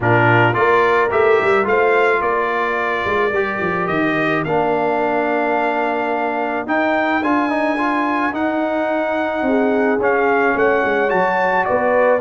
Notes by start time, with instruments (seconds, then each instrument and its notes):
0.00 tuba A#2, trombone D4, horn F4, trumpet A#4
0.53 tuba A#3, trombone F4, horn A#4, trumpet D5
1.10 tuba A3, trombone G4, trumpet E5
1.40 tuba G3
1.64 tuba A3, trombone F4, horn C5, trumpet F5
2.20 tuba A#3, horn A#4, trumpet D5
3.05 tuba G#3
3.31 tuba G3, trombone G4
3.60 tuba F3
3.87 tuba D#3, trumpet D#5
4.44 tuba A#3, trombone D4, trumpet F5
6.66 tuba D#4, trombone D#4, trumpet G5
7.21 tuba D4, trombone F4, trumpet G#5
7.49 trombone D#4
7.77 trombone F4
8.32 trombone D#4, tuba D#4, trumpet F#5
9.42 tuba C4, horn G#4
9.98 tuba C#4, trombone C#4, trumpet F5
10.55 tuba A3, horn C#5, trumpet F#5
10.84 tuba G#3
11.08 tuba F#3, trombone F#4, trumpet A5
11.64 tuba B3, horn B4, trumpet D5